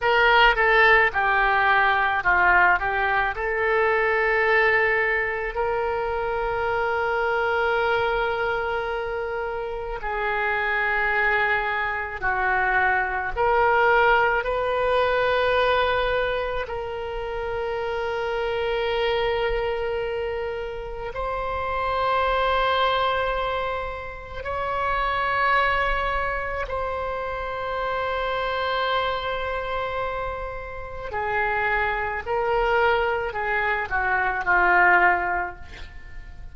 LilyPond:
\new Staff \with { instrumentName = "oboe" } { \time 4/4 \tempo 4 = 54 ais'8 a'8 g'4 f'8 g'8 a'4~ | a'4 ais'2.~ | ais'4 gis'2 fis'4 | ais'4 b'2 ais'4~ |
ais'2. c''4~ | c''2 cis''2 | c''1 | gis'4 ais'4 gis'8 fis'8 f'4 | }